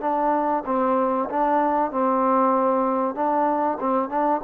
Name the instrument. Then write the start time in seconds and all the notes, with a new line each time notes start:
trombone
0.00 D4
0.65 C4
1.29 D4
1.91 C4
3.14 D4
3.80 C4
4.09 D4